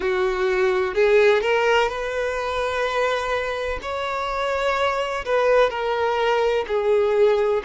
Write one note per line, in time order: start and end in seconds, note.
0.00 0.94 F#4
0.94 1.41 G#4
1.41 1.88 A#4
1.88 3.79 B4
3.81 5.24 C#5
5.25 5.69 B4
5.69 6.65 A#4
6.67 7.62 G#4